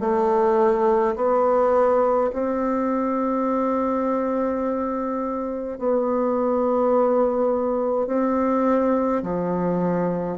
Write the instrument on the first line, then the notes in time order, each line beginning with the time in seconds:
bassoon
0.00 A3
1.15 B3
2.33 C4
5.78 B3
8.07 C4
9.23 F3